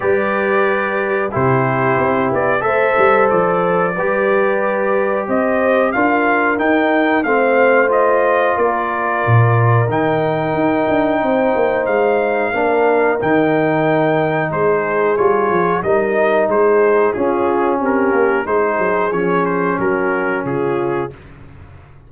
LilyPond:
<<
  \new Staff \with { instrumentName = "trumpet" } { \time 4/4 \tempo 4 = 91 d''2 c''4. d''8 | e''4 d''2. | dis''4 f''4 g''4 f''4 | dis''4 d''2 g''4~ |
g''2 f''2 | g''2 c''4 cis''4 | dis''4 c''4 gis'4 ais'4 | c''4 cis''8 c''8 ais'4 gis'4 | }
  \new Staff \with { instrumentName = "horn" } { \time 4/4 b'2 g'2 | c''2 b'2 | c''4 ais'2 c''4~ | c''4 ais'2.~ |
ais'4 c''2 ais'4~ | ais'2 gis'2 | ais'4 gis'4 f'4 g'4 | gis'2 fis'4 f'4 | }
  \new Staff \with { instrumentName = "trombone" } { \time 4/4 g'2 e'2 | a'2 g'2~ | g'4 f'4 dis'4 c'4 | f'2. dis'4~ |
dis'2. d'4 | dis'2. f'4 | dis'2 cis'2 | dis'4 cis'2. | }
  \new Staff \with { instrumentName = "tuba" } { \time 4/4 g2 c4 c'8 b8 | a8 g8 f4 g2 | c'4 d'4 dis'4 a4~ | a4 ais4 ais,4 dis4 |
dis'8 d'8 c'8 ais8 gis4 ais4 | dis2 gis4 g8 f8 | g4 gis4 cis'4 c'8 ais8 | gis8 fis8 f4 fis4 cis4 | }
>>